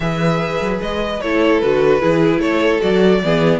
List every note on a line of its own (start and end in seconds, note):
0.00 0.60 E3
0.00 1.21 G#4
0.00 1.22 B4
0.00 0.80 E5
0.60 0.80 F#3
0.81 1.21 G#3
0.81 1.20 D#5
1.20 1.62 A3
1.20 1.62 E4
1.20 2.01 A4
1.20 1.60 C#5
1.60 2.02 D3
1.60 2.00 F#4
1.60 2.40 B4
2.00 2.37 E3
2.00 2.80 E4
2.00 2.41 G#4
2.37 2.77 A3
2.37 3.21 A4
2.37 2.80 C#5
2.80 3.23 F#3
2.80 3.20 F#4
2.80 3.60 D5
3.23 3.60 E3
3.23 3.60 B3
3.23 3.60 G#4